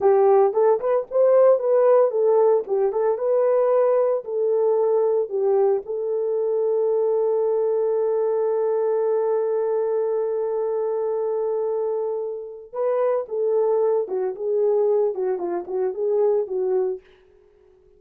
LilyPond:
\new Staff \with { instrumentName = "horn" } { \time 4/4 \tempo 4 = 113 g'4 a'8 b'8 c''4 b'4 | a'4 g'8 a'8 b'2 | a'2 g'4 a'4~ | a'1~ |
a'1~ | a'1 | b'4 a'4. fis'8 gis'4~ | gis'8 fis'8 f'8 fis'8 gis'4 fis'4 | }